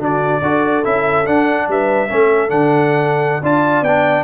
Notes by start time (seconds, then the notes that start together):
0.00 D3 D4 F#4 D5
0.42 D4 F#4 A4
0.84 C#4 E4 E5
1.26 D4 F#5
1.68 G3 B4 E5
2.09 A3 C#4 A4
2.49 D3 D4 F#5
3.42 D4 F4 D5 A5
3.82 B3 D4 G5